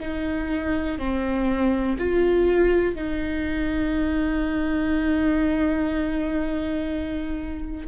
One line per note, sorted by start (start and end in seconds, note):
0.00 0.98 D#4
0.98 1.97 C4
1.98 2.95 F4
2.95 7.87 D#4